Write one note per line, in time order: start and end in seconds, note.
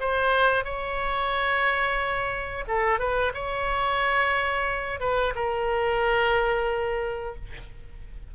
0.00 0.65 C5
0.65 2.65 C#5
2.68 2.99 A4
2.99 3.32 B4
3.34 5.00 C#5
5.00 5.34 B4
5.35 7.35 A#4